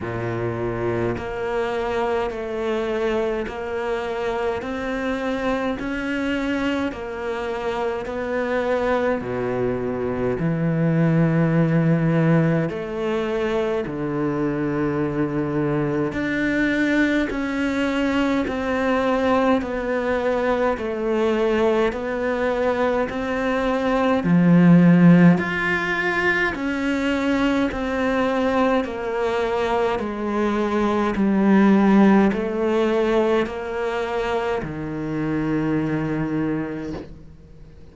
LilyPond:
\new Staff \with { instrumentName = "cello" } { \time 4/4 \tempo 4 = 52 ais,4 ais4 a4 ais4 | c'4 cis'4 ais4 b4 | b,4 e2 a4 | d2 d'4 cis'4 |
c'4 b4 a4 b4 | c'4 f4 f'4 cis'4 | c'4 ais4 gis4 g4 | a4 ais4 dis2 | }